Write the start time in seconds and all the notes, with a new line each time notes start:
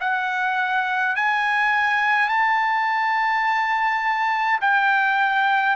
0.00 F#5
1.15 G#5
2.28 A5
4.60 G5